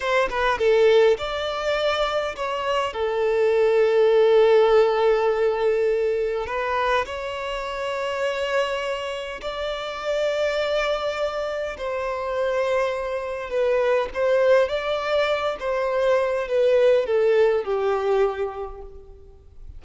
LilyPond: \new Staff \with { instrumentName = "violin" } { \time 4/4 \tempo 4 = 102 c''8 b'8 a'4 d''2 | cis''4 a'2.~ | a'2. b'4 | cis''1 |
d''1 | c''2. b'4 | c''4 d''4. c''4. | b'4 a'4 g'2 | }